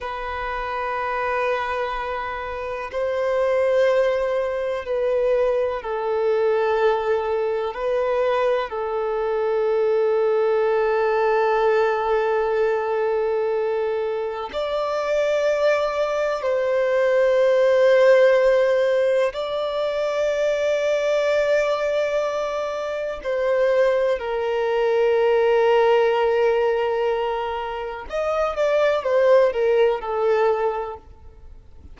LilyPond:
\new Staff \with { instrumentName = "violin" } { \time 4/4 \tempo 4 = 62 b'2. c''4~ | c''4 b'4 a'2 | b'4 a'2.~ | a'2. d''4~ |
d''4 c''2. | d''1 | c''4 ais'2.~ | ais'4 dis''8 d''8 c''8 ais'8 a'4 | }